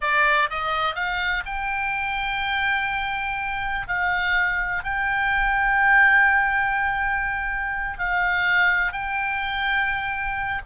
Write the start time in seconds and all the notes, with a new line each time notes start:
0.01 D5
0.49 D#5
0.95 F5
1.45 G5
3.87 F5
4.83 G5
7.98 F5
8.92 G5